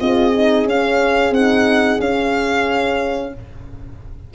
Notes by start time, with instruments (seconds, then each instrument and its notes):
0.00 tuba C4, horn F4 G#4, violin D#5
0.34 horn D#4
0.65 tuba C#4, horn C#4, violin F5
1.31 tuba C4, horn D#4, violin F#5
2.00 tuba C#4, horn C#4, violin F5